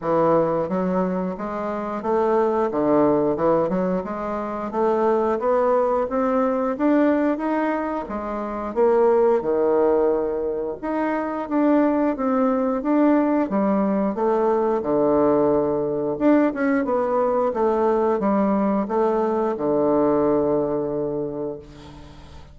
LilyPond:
\new Staff \with { instrumentName = "bassoon" } { \time 4/4 \tempo 4 = 89 e4 fis4 gis4 a4 | d4 e8 fis8 gis4 a4 | b4 c'4 d'4 dis'4 | gis4 ais4 dis2 |
dis'4 d'4 c'4 d'4 | g4 a4 d2 | d'8 cis'8 b4 a4 g4 | a4 d2. | }